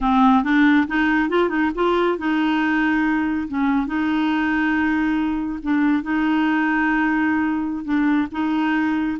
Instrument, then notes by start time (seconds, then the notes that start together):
clarinet
0.00 C4
0.43 D4
0.87 D#4
1.29 F4
1.49 D#4
1.74 F4
2.18 D#4
3.48 C#4
3.86 D#4
5.62 D4
6.02 D#4
7.84 D4
8.31 D#4